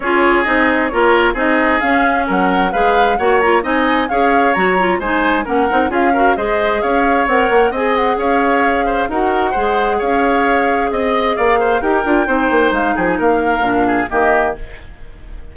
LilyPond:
<<
  \new Staff \with { instrumentName = "flute" } { \time 4/4 \tempo 4 = 132 cis''4 dis''4 cis''4 dis''4 | f''4 fis''4 f''4 fis''8 ais''8 | gis''4 f''4 ais''4 gis''4 | fis''4 f''4 dis''4 f''4 |
fis''4 gis''8 fis''8 f''2 | fis''2 f''2 | dis''4 f''4 g''2 | f''8 g''16 gis''16 f''2 dis''4 | }
  \new Staff \with { instrumentName = "oboe" } { \time 4/4 gis'2 ais'4 gis'4~ | gis'4 ais'4 b'4 cis''4 | dis''4 cis''2 c''4 | ais'4 gis'8 ais'8 c''4 cis''4~ |
cis''4 dis''4 cis''4. c''8 | ais'4 c''4 cis''2 | dis''4 d''8 c''8 ais'4 c''4~ | c''8 gis'8 ais'4. gis'8 g'4 | }
  \new Staff \with { instrumentName = "clarinet" } { \time 4/4 f'4 dis'4 f'4 dis'4 | cis'2 gis'4 fis'8 f'8 | dis'4 gis'4 fis'8 f'8 dis'4 | cis'8 dis'8 f'8 fis'8 gis'2 |
ais'4 gis'2. | fis'4 gis'2.~ | gis'2 g'8 f'8 dis'4~ | dis'2 d'4 ais4 | }
  \new Staff \with { instrumentName = "bassoon" } { \time 4/4 cis'4 c'4 ais4 c'4 | cis'4 fis4 gis4 ais4 | c'4 cis'4 fis4 gis4 | ais8 c'8 cis'4 gis4 cis'4 |
c'8 ais8 c'4 cis'2 | dis'4 gis4 cis'2 | c'4 ais4 dis'8 d'8 c'8 ais8 | gis8 f8 ais4 ais,4 dis4 | }
>>